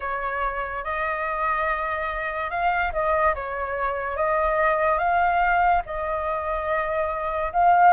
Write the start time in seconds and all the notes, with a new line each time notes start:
0.00 C#5
0.83 D#5
2.50 F5
2.92 D#5
3.34 C#5
4.16 D#5
4.98 F5
5.85 D#5
7.52 F5